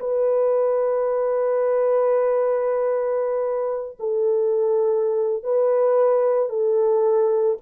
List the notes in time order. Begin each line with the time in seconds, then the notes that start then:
0.00 B4
4.00 A4
5.43 B4
6.49 A4